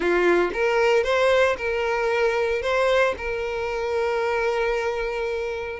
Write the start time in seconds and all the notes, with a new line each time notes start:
0.00 F4
0.53 A#4
1.03 C5
1.57 A#4
2.62 C5
3.17 A#4